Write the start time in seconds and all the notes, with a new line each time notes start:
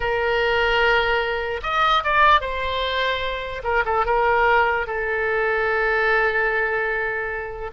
0.00 A#4
1.62 D#5
2.03 D5
2.40 C5
3.63 A#4
3.85 A4
4.05 A#4
4.86 A4